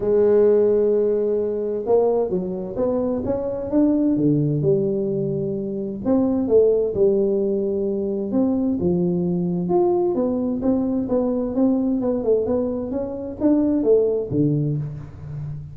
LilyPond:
\new Staff \with { instrumentName = "tuba" } { \time 4/4 \tempo 4 = 130 gis1 | ais4 fis4 b4 cis'4 | d'4 d4 g2~ | g4 c'4 a4 g4~ |
g2 c'4 f4~ | f4 f'4 b4 c'4 | b4 c'4 b8 a8 b4 | cis'4 d'4 a4 d4 | }